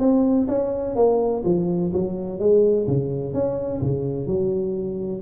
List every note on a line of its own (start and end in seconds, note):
0.00 0.48 C4
0.48 0.96 C#4
0.96 1.44 A#3
1.45 1.93 F3
1.94 2.40 F#3
2.40 2.87 G#3
2.88 3.34 C#3
3.34 3.82 C#4
3.82 4.27 C#3
4.27 5.23 F#3